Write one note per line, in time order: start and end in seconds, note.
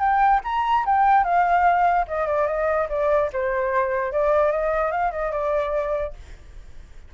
0.00 0.41 G5
0.45 0.85 A#5
0.86 1.24 G5
1.24 2.06 F5
2.08 2.27 D#5
2.27 2.47 D5
2.47 2.88 D#5
2.89 3.30 D5
3.33 4.12 C5
4.12 4.52 D5
4.52 4.91 D#5
4.91 5.12 F5
5.12 5.32 D#5
5.32 6.14 D5